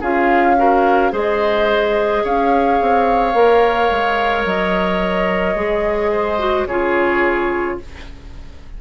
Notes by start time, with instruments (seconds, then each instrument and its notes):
0.00 bassoon C#4, clarinet F4, oboe G#4, flute F5
0.57 clarinet F#4, oboe A#4
1.11 bassoon G#3, clarinet G#4, oboe C5, flute D#5
2.24 bassoon C#4, oboe C#5, flute F5
2.81 bassoon C4
3.34 bassoon A#3, clarinet A#4
3.91 bassoon G#3
4.45 bassoon F#3, flute D#5
5.55 bassoon G#3, clarinet G#4
6.12 oboe C5
6.38 clarinet F#4
6.66 bassoon C#3, clarinet F4, oboe G#4, flute C#5